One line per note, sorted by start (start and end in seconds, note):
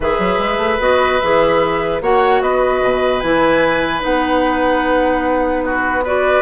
0.00 0.18 E3
0.00 0.79 G#4
0.00 2.02 B4
0.00 0.81 E5
0.18 0.38 F#3
0.38 0.57 G#3
0.57 0.77 A3
0.79 1.20 B3
0.79 1.20 F#4
0.79 1.19 D#5
1.19 2.01 E3
1.19 2.02 G#4
1.19 2.00 E5
2.01 2.41 A#3
2.01 3.22 F#4
2.01 2.42 C#5
2.01 2.41 F#5
2.41 2.81 B3
2.41 5.64 B4
2.41 3.20 D#5
2.82 3.22 B2
3.20 4.03 E3
3.20 4.00 E4
3.20 4.00 G#5
4.00 6.42 B3
4.00 6.01 D#4
4.00 5.64 F#5
5.64 6.04 F#4
5.64 6.04 B4
6.04 6.42 F#4
6.04 6.42 B4
6.04 6.42 D5